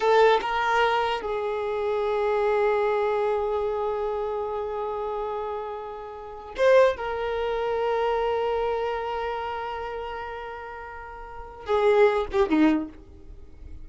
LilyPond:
\new Staff \with { instrumentName = "violin" } { \time 4/4 \tempo 4 = 149 a'4 ais'2 gis'4~ | gis'1~ | gis'1~ | gis'1~ |
gis'16 c''4 ais'2~ ais'8.~ | ais'1~ | ais'1~ | ais'4 gis'4. g'8 dis'4 | }